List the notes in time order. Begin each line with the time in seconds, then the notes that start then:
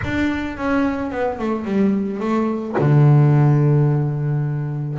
0.04 D4
0.57 C#4
1.11 B3
1.38 A3
1.64 G3
2.19 A3
2.78 D3